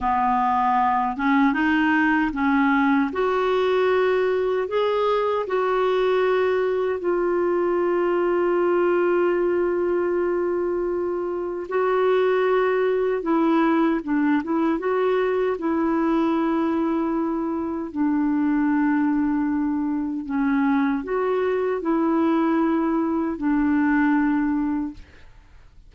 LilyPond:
\new Staff \with { instrumentName = "clarinet" } { \time 4/4 \tempo 4 = 77 b4. cis'8 dis'4 cis'4 | fis'2 gis'4 fis'4~ | fis'4 f'2.~ | f'2. fis'4~ |
fis'4 e'4 d'8 e'8 fis'4 | e'2. d'4~ | d'2 cis'4 fis'4 | e'2 d'2 | }